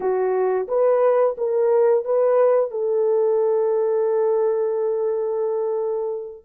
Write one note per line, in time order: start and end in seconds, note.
0.00 0.67 F#4
0.68 1.36 B4
1.37 2.04 A#4
2.04 2.71 B4
2.71 6.44 A4